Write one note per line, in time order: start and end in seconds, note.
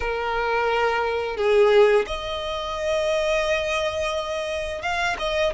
0.00 1.36 A#4
1.36 2.05 G#4
2.06 4.82 D#5
4.82 5.16 F5
5.18 5.53 D#5